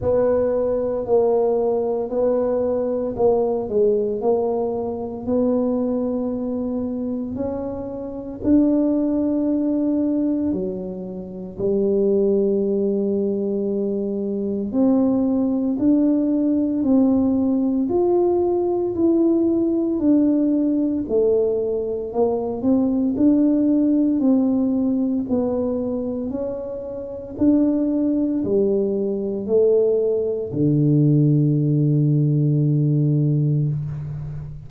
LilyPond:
\new Staff \with { instrumentName = "tuba" } { \time 4/4 \tempo 4 = 57 b4 ais4 b4 ais8 gis8 | ais4 b2 cis'4 | d'2 fis4 g4~ | g2 c'4 d'4 |
c'4 f'4 e'4 d'4 | a4 ais8 c'8 d'4 c'4 | b4 cis'4 d'4 g4 | a4 d2. | }